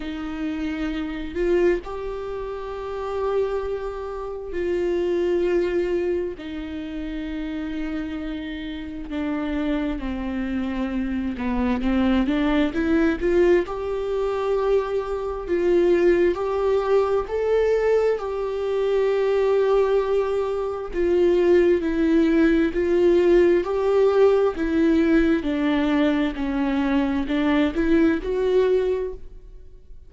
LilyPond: \new Staff \with { instrumentName = "viola" } { \time 4/4 \tempo 4 = 66 dis'4. f'8 g'2~ | g'4 f'2 dis'4~ | dis'2 d'4 c'4~ | c'8 b8 c'8 d'8 e'8 f'8 g'4~ |
g'4 f'4 g'4 a'4 | g'2. f'4 | e'4 f'4 g'4 e'4 | d'4 cis'4 d'8 e'8 fis'4 | }